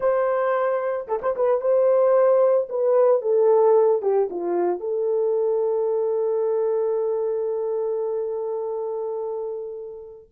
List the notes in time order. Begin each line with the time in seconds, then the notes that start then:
0.00 C5
1.07 A4
1.22 C5
1.36 B4
1.60 C5
2.69 B4
3.21 A4
4.02 G4
4.30 F4
4.80 A4